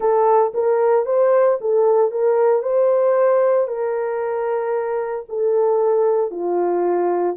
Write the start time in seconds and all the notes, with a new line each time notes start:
0.00 A4
0.54 A#4
1.05 C5
1.61 A4
2.11 A#4
2.62 C5
3.67 A#4
5.28 A4
6.31 F4